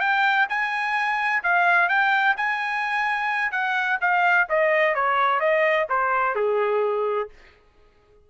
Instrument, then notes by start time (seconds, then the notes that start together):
trumpet
0.00 G5
0.49 G#5
1.43 F5
1.89 G5
2.37 G#5
3.52 F#5
4.01 F5
4.49 D#5
4.95 C#5
5.40 D#5
5.89 C5
6.35 G#4